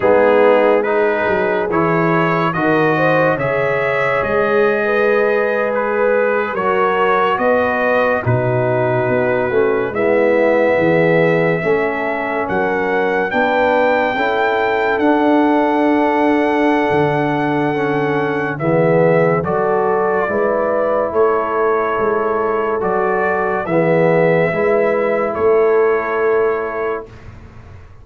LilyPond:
<<
  \new Staff \with { instrumentName = "trumpet" } { \time 4/4 \tempo 4 = 71 gis'4 b'4 cis''4 dis''4 | e''4 dis''4.~ dis''16 b'4 cis''16~ | cis''8. dis''4 b'2 e''16~ | e''2~ e''8. fis''4 g''16~ |
g''4.~ g''16 fis''2~ fis''16~ | fis''2 e''4 d''4~ | d''4 cis''2 d''4 | e''2 cis''2 | }
  \new Staff \with { instrumentName = "horn" } { \time 4/4 dis'4 gis'2 ais'8 c''8 | cis''4.~ cis''16 b'2 ais'16~ | ais'8. b'4 fis'2 e'16~ | e'8. gis'4 a'4 ais'4 b'16~ |
b'8. a'2.~ a'16~ | a'2 gis'4 a'4 | b'4 a'2. | gis'4 b'4 a'2 | }
  \new Staff \with { instrumentName = "trombone" } { \time 4/4 b4 dis'4 e'4 fis'4 | gis'2.~ gis'8. fis'16~ | fis'4.~ fis'16 dis'4. cis'8 b16~ | b4.~ b16 cis'2 d'16~ |
d'8. e'4 d'2~ d'16~ | d'4 cis'4 b4 fis'4 | e'2. fis'4 | b4 e'2. | }
  \new Staff \with { instrumentName = "tuba" } { \time 4/4 gis4. fis8 e4 dis4 | cis4 gis2~ gis8. fis16~ | fis8. b4 b,4 b8 a8 gis16~ | gis8. e4 a4 fis4 b16~ |
b8. cis'4 d'2~ d'16 | d2 e4 fis4 | gis4 a4 gis4 fis4 | e4 gis4 a2 | }
>>